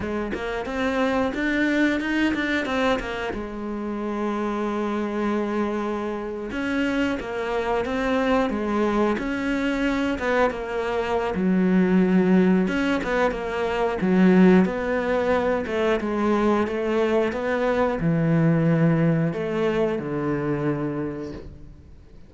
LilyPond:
\new Staff \with { instrumentName = "cello" } { \time 4/4 \tempo 4 = 90 gis8 ais8 c'4 d'4 dis'8 d'8 | c'8 ais8 gis2.~ | gis4.~ gis16 cis'4 ais4 c'16~ | c'8. gis4 cis'4. b8 ais16~ |
ais4 fis2 cis'8 b8 | ais4 fis4 b4. a8 | gis4 a4 b4 e4~ | e4 a4 d2 | }